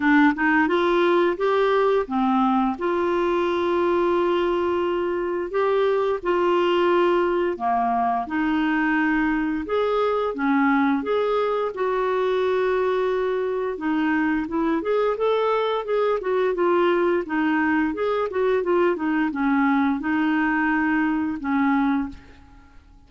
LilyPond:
\new Staff \with { instrumentName = "clarinet" } { \time 4/4 \tempo 4 = 87 d'8 dis'8 f'4 g'4 c'4 | f'1 | g'4 f'2 ais4 | dis'2 gis'4 cis'4 |
gis'4 fis'2. | dis'4 e'8 gis'8 a'4 gis'8 fis'8 | f'4 dis'4 gis'8 fis'8 f'8 dis'8 | cis'4 dis'2 cis'4 | }